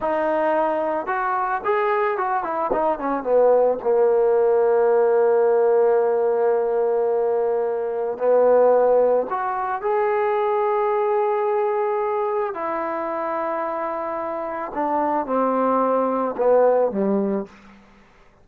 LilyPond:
\new Staff \with { instrumentName = "trombone" } { \time 4/4 \tempo 4 = 110 dis'2 fis'4 gis'4 | fis'8 e'8 dis'8 cis'8 b4 ais4~ | ais1~ | ais2. b4~ |
b4 fis'4 gis'2~ | gis'2. e'4~ | e'2. d'4 | c'2 b4 g4 | }